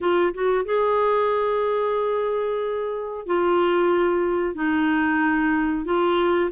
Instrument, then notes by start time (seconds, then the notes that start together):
clarinet
0.00 F4
0.33 F#4
0.65 G#4
3.26 F4
4.54 D#4
5.85 F4